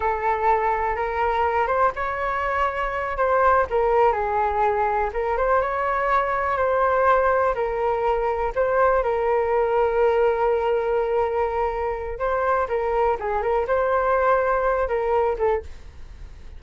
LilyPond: \new Staff \with { instrumentName = "flute" } { \time 4/4 \tempo 4 = 123 a'2 ais'4. c''8 | cis''2~ cis''8 c''4 ais'8~ | ais'8 gis'2 ais'8 c''8 cis''8~ | cis''4. c''2 ais'8~ |
ais'4. c''4 ais'4.~ | ais'1~ | ais'4 c''4 ais'4 gis'8 ais'8 | c''2~ c''8 ais'4 a'8 | }